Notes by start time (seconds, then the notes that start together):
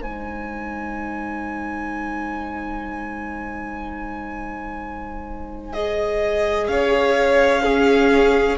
0.00 G#3 D#4 C5 G#5
5.73 G#4 D#5
6.67 C#4 C#5 F5
7.62 C#4 G#4